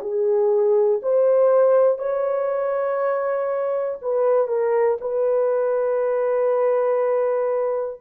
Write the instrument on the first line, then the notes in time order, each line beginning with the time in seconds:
horn
0.00 G#4
1.02 C5
1.98 C#5
4.01 B4
4.47 A#4
5.00 B4